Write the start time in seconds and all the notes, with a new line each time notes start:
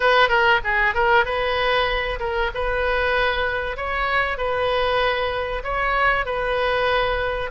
0.00 B4
0.28 A#4
0.64 G#4
0.94 A#4
1.25 B4
2.19 A#4
2.54 B4
3.77 C#5
4.38 B4
5.63 C#5
6.25 B4